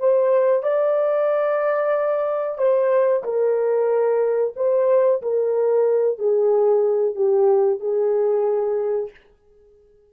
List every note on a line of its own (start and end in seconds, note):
0.00 0.63 C5
0.63 2.58 D5
2.58 3.24 C5
3.24 4.54 A#4
4.57 5.22 C5
5.22 6.19 A#4
6.19 7.16 G#4
7.16 7.81 G4
7.81 9.11 G#4